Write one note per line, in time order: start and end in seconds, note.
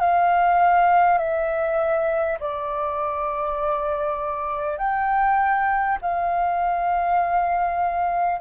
0.00 1.18 F5
1.18 2.38 E5
2.41 4.78 D5
4.78 5.98 G5
6.02 8.41 F5